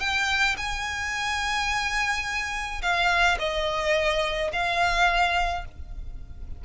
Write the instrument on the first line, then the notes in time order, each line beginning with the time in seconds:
violin
0.00 G5
0.57 G#5
2.82 F5
3.39 D#5
4.53 F5